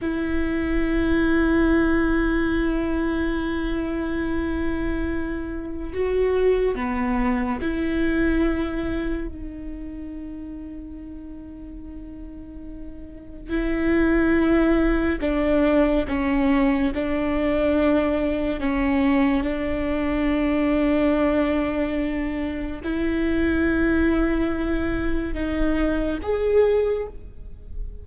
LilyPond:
\new Staff \with { instrumentName = "viola" } { \time 4/4 \tempo 4 = 71 e'1~ | e'2. fis'4 | b4 e'2 dis'4~ | dis'1 |
e'2 d'4 cis'4 | d'2 cis'4 d'4~ | d'2. e'4~ | e'2 dis'4 gis'4 | }